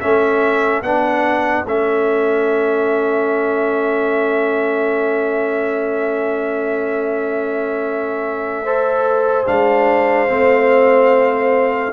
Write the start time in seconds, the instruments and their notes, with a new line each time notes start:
0.00 tuba A3, trombone C#4, horn A4, trumpet E5
0.82 tuba B3, trombone D4, trumpet F#5
1.66 tuba A3, trombone C#4, trumpet E5
8.64 trombone A4, horn C5
9.46 tuba G#3, trombone D4, trumpet F5
10.28 tuba A3, trombone C4